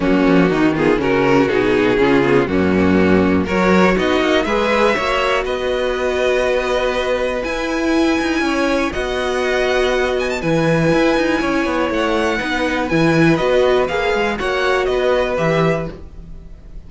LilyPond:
<<
  \new Staff \with { instrumentName = "violin" } { \time 4/4 \tempo 4 = 121 fis'4. gis'8 ais'4 gis'4~ | gis'4 fis'2 cis''4 | dis''4 e''2 dis''4~ | dis''2. gis''4~ |
gis''2 fis''2~ | fis''8 gis''16 a''16 gis''2. | fis''2 gis''4 dis''4 | f''4 fis''4 dis''4 e''4 | }
  \new Staff \with { instrumentName = "violin" } { \time 4/4 cis'4 dis'8 f'8 fis'2 | f'4 cis'2 ais'4 | fis'4 b'4 cis''4 b'4~ | b'1~ |
b'4 cis''4 dis''2~ | dis''4 b'2 cis''4~ | cis''4 b'2.~ | b'4 cis''4 b'2 | }
  \new Staff \with { instrumentName = "viola" } { \time 4/4 ais4. b8 cis'4 dis'4 | cis'8 b8 ais2 fis'4 | dis'4 gis'4 fis'2~ | fis'2. e'4~ |
e'2 fis'2~ | fis'4 e'2.~ | e'4 dis'4 e'4 fis'4 | gis'4 fis'2 g'4 | }
  \new Staff \with { instrumentName = "cello" } { \time 4/4 fis8 f8 dis4 cis4 b,4 | cis4 fis,2 fis4 | b8 ais8 gis4 ais4 b4~ | b2. e'4~ |
e'8 dis'8 cis'4 b2~ | b4 e4 e'8 dis'8 cis'8 b8 | a4 b4 e4 b4 | ais8 gis8 ais4 b4 e4 | }
>>